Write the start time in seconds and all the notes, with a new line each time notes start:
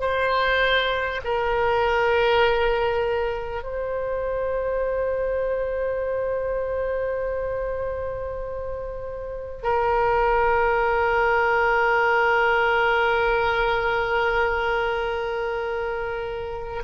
0.00 C5
1.24 A#4
3.63 C5
9.63 A#4